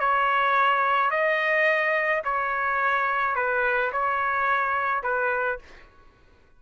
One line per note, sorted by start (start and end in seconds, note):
0.00 1.11 C#5
1.11 2.23 D#5
2.25 3.35 C#5
3.35 3.92 B4
3.92 5.03 C#5
5.03 5.59 B4